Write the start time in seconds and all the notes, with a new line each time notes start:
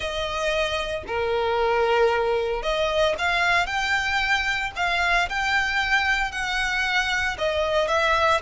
0.00 D#5
1.07 A#4
2.62 D#5
3.18 F5
3.66 G5
4.76 F5
5.29 G5
6.31 F#5
7.38 D#5
7.88 E5